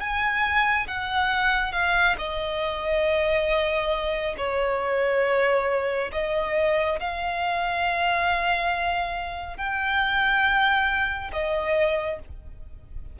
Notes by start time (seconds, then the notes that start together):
0.00 G#5
0.87 F#5
1.72 F5
2.18 D#5
4.37 C#5
6.12 D#5
7.00 F5
9.57 G5
11.32 D#5